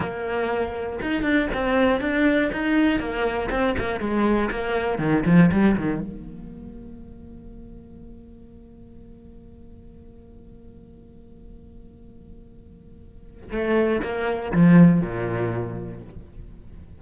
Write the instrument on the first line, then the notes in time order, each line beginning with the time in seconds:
cello
0.00 A#3
1.02 D#4
1.22 D4
1.53 C4
2.00 D4
2.52 D#4
2.99 A#3
3.50 C4
3.78 A#3
4.00 G#3
4.50 A#3
4.98 D#3
5.25 F3
5.51 G3
5.77 D#3
6.00 A#3
13.51 A3
14.01 A#3
14.52 F3
15.00 A#2